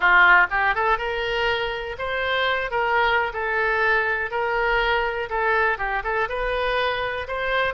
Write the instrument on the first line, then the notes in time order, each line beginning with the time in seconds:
oboe
0.00 F4
0.50 G4
0.75 A4
0.98 A#4
1.98 C5
2.70 A#4
3.33 A4
4.30 A#4
5.29 A4
5.78 G4
6.03 A4
6.28 B4
7.27 C5